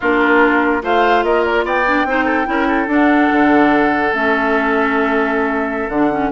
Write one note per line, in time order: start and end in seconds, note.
0.00 0.83 A#3
0.00 0.82 D4
0.00 0.82 F4
0.00 0.84 A#4
0.82 1.23 A3
0.82 1.85 F4
0.82 1.24 C5
0.82 1.23 F5
1.23 1.64 A#3
1.23 1.65 A#4
1.23 1.44 D#5
1.44 1.65 D5
1.64 2.04 B3
1.64 2.06 D5
1.64 2.91 G5
1.86 2.07 D4
2.04 2.46 C4
2.04 2.45 D#4
2.04 2.25 C5
2.25 2.45 A4
2.45 2.87 C#4
2.45 2.86 E4
2.45 2.67 A#4
2.67 6.29 A4
2.87 3.29 D4
2.87 4.12 D4
2.87 4.14 F#5
3.31 4.12 D3
4.12 5.88 A3
4.12 5.90 C#4
4.12 5.89 E5
5.88 6.30 D3
5.88 6.11 D4
5.88 6.30 F#5
6.11 6.32 C#4